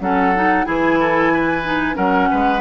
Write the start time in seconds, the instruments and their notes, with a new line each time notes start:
0.00 bassoon F#3, clarinet C#4, oboe A4, flute F#5
0.35 clarinet D#4
0.65 bassoon E3, clarinet E4, oboe G#4, flute G#5
1.00 oboe A4
1.33 oboe B4
1.63 clarinet D#4
1.93 bassoon F#3, clarinet C#4, oboe A#4, flute F#5
2.31 bassoon G#3, oboe B4